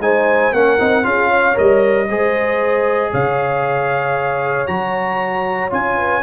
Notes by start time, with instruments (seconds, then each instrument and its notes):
0.00 tuba G#3, trombone D#4, horn C5, trumpet G#5
0.53 tuba A#3, trombone C#4, horn A#4, trumpet F#5
0.79 tuba C4, trombone D#4
1.03 tuba C#4, trombone F4, horn G#4, trumpet F5
1.28 horn C#5
1.54 tuba G3, trombone A#4, trumpet D#5
2.09 tuba G#3, trombone G#4, horn C5
3.11 tuba C#3, horn C#5, trumpet F5
4.67 tuba F#3, trombone F#4, trumpet A#5
5.70 tuba C#4, trombone F4, trumpet G#5
5.96 horn B4